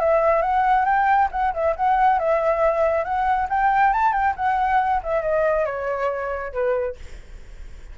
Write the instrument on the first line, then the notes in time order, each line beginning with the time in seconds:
flute
0.00 E5
0.42 F#5
0.85 G5
1.32 F#5
1.54 E5
1.77 F#5
2.19 E5
3.05 F#5
3.50 G5
3.93 A5
4.13 G5
4.37 F#5
5.03 E5
5.22 D#5
5.66 C#5
6.53 B4